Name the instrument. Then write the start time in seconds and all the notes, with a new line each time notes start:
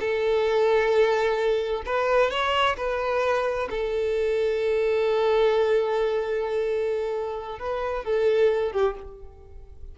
violin
0.00 A4
1.86 B4
2.31 C#5
2.77 B4
3.70 A4
7.59 B4
8.05 A4
8.72 G4